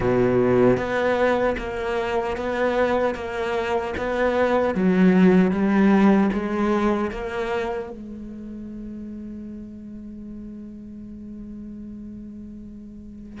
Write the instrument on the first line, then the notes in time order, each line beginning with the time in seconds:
cello
0.00 B2
0.77 B3
1.58 A#3
2.36 B3
3.14 A#3
3.97 B3
4.74 F#3
5.51 G3
6.32 G#3
7.11 A#3
7.89 G#3